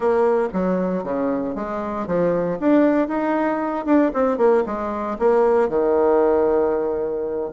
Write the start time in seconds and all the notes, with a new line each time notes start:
0.00 A#3
0.53 F#3
1.03 C#3
1.55 G#3
2.06 F3
2.60 D4
3.08 D#4
3.85 D4
4.13 C4
4.37 A#3
4.66 G#3
5.19 A#3
5.68 D#3